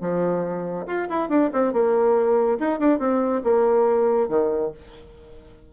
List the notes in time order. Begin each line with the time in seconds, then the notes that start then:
0.00 F3
0.86 F4
1.09 E4
1.28 D4
1.53 C4
1.72 A#3
2.59 D#4
2.79 D4
2.99 C4
3.43 A#3
4.28 D#3